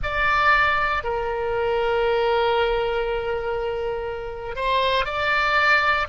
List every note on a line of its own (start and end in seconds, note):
0.02 1.04 D5
1.04 4.55 A#4
4.55 5.05 C5
5.05 6.06 D5